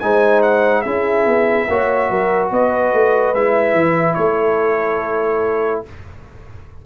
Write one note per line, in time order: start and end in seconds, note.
0.00 0.86 G#3
0.00 0.86 D#4
0.00 0.84 C5
0.00 0.42 G#5
0.43 0.82 F#5
0.82 1.26 C#4
0.82 1.69 E4
0.82 1.68 G#4
0.82 2.49 E5
1.26 1.68 B3
1.69 2.10 A#3
1.69 3.36 F#4
1.69 2.10 C#5
2.10 2.52 F#3
2.10 2.51 A#4
2.51 2.93 B3
2.51 4.18 B4
2.51 3.35 D#5
2.93 3.35 A3
3.35 3.74 G#3
3.35 5.86 E4
3.35 4.15 E5
3.74 4.16 E3
4.15 5.85 A3
4.15 5.85 A4
4.15 5.81 C#5